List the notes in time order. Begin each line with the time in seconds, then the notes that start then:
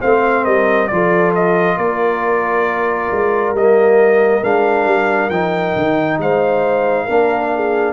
0.00 A3 C4 C5 F5
0.44 G3 A#4 D#5
0.87 F3 F4 D5
0.93 A4
1.35 D#5
1.77 A#3 A#4 D5
3.10 G#3
3.51 G3 A#3 D#5
4.42 G#3 D4 F5
4.85 G3
5.30 F3 D#4 G5
5.75 D#3
6.18 G#3 C5 F5
7.05 A#3 D4 A#4
7.55 G#4